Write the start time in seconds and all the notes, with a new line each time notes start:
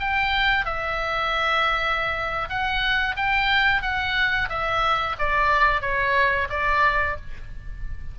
0.00 G5
0.65 E5
2.49 F#5
3.16 G5
3.82 F#5
4.49 E5
5.19 D5
5.81 C#5
6.50 D5